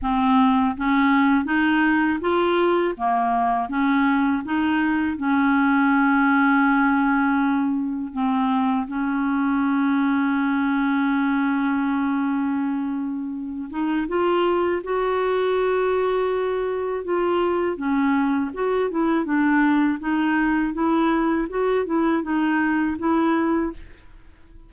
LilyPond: \new Staff \with { instrumentName = "clarinet" } { \time 4/4 \tempo 4 = 81 c'4 cis'4 dis'4 f'4 | ais4 cis'4 dis'4 cis'4~ | cis'2. c'4 | cis'1~ |
cis'2~ cis'8 dis'8 f'4 | fis'2. f'4 | cis'4 fis'8 e'8 d'4 dis'4 | e'4 fis'8 e'8 dis'4 e'4 | }